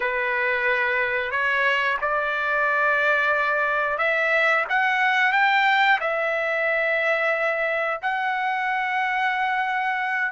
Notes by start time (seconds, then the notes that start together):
0.00 B4
1.31 C#5
2.01 D5
3.98 E5
4.68 F#5
5.32 G5
6.00 E5
8.02 F#5